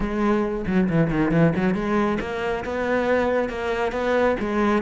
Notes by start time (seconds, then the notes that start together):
0.00 G#3
0.66 F#3
0.89 E3
1.10 D#3
1.31 E3
1.56 F#3
1.74 G#3
2.20 A#3
2.64 B3
3.49 A#3
3.92 B3
4.39 G#3